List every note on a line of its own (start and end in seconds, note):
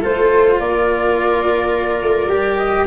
0.00 0.60 A3
0.00 2.30 F4
0.00 0.57 A4
0.00 0.59 C5
0.59 2.02 A#3
0.59 2.87 A#4
0.59 2.57 D5
2.02 2.27 A3
2.27 2.84 G3
2.27 2.87 G4
2.57 2.85 D#5